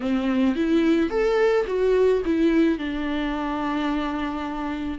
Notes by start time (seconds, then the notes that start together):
0.00 C4
0.55 E4
1.10 A4
1.66 F#4
2.25 E4
2.78 D4